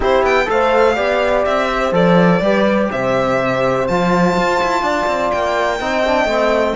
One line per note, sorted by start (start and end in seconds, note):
0.00 0.22 C4
0.00 0.45 E4
0.00 0.47 G4
0.00 0.25 C5
0.22 0.46 B3
0.22 0.49 G5
0.45 0.97 A3
0.45 0.93 A4
0.45 1.44 F5
0.51 0.95 C5
0.95 1.45 B3
0.95 1.92 G4
0.95 1.67 D5
1.44 1.92 C4
1.44 1.93 E5
1.71 2.43 C5
1.92 2.40 F3
1.92 2.40 A4
1.92 2.91 D5
2.41 2.89 G3
2.41 3.88 G4
2.41 2.91 B4
2.91 3.89 C3
2.91 4.82 C5
2.91 3.87 E5
3.87 4.37 F3
3.87 5.80 F4
3.87 5.31 A5
4.37 4.61 F4
4.63 4.82 E4
4.82 5.06 D4
4.82 5.79 D5
5.06 5.31 C4
5.31 5.80 A#3
5.31 6.76 G5
5.80 6.24 C4
5.80 6.04 D#4
5.80 6.76 D#5
6.04 6.28 D4
6.24 6.73 A3
6.24 6.76 C4